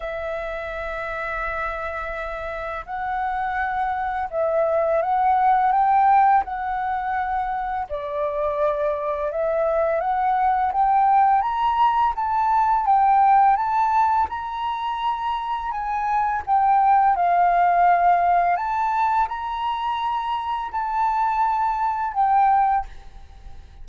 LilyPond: \new Staff \with { instrumentName = "flute" } { \time 4/4 \tempo 4 = 84 e''1 | fis''2 e''4 fis''4 | g''4 fis''2 d''4~ | d''4 e''4 fis''4 g''4 |
ais''4 a''4 g''4 a''4 | ais''2 gis''4 g''4 | f''2 a''4 ais''4~ | ais''4 a''2 g''4 | }